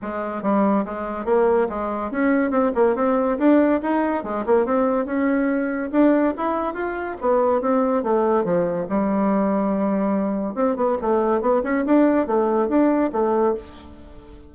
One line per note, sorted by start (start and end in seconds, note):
0.02 0.42 G#3
0.42 0.84 G3
0.85 1.25 G#3
1.25 1.67 A#3
1.69 2.11 G#3
2.11 2.50 C#4
2.50 2.71 C4
2.74 2.95 A#3
2.95 3.37 C4
3.38 3.80 D4
3.82 4.23 D#4
4.23 4.44 G#3
4.46 4.65 A#3
4.65 5.05 C4
5.05 5.90 C#4
5.91 6.34 D4
6.37 6.73 E4
6.73 7.16 F4
7.20 7.61 B3
7.61 8.03 C4
8.03 8.44 A3
8.44 8.86 F3
8.89 10.55 G3
10.55 10.76 C4
10.76 10.97 B3
11.01 11.41 A3
11.41 11.62 B3
11.63 11.84 C#4
11.85 12.27 D4
12.27 12.68 A3
12.68 13.10 D4
13.12 13.54 A3